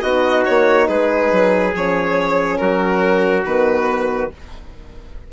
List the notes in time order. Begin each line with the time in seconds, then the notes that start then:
0.00 B3 D#4 F#4 D#5
0.45 A#3 C#5
0.87 G#3 G#4 B4
1.31 F#3
1.74 F3 C#4 C#5
2.57 F#3 F#4 A#4
3.44 D#3 B3 B4